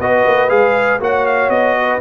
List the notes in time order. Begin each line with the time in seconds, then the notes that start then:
0.00 B3 F#4 B4 D#5
0.26 A#3
0.49 G#3 G#4 F5
1.00 A#3 F#4 C#5 F#5
1.27 F5
1.49 B3 D#5
1.80 B4